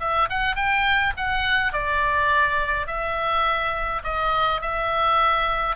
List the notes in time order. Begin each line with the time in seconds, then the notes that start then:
0.00 E5
0.30 F#5
0.56 G5
1.17 F#5
1.73 D5
2.87 E5
4.04 D#5
4.61 E5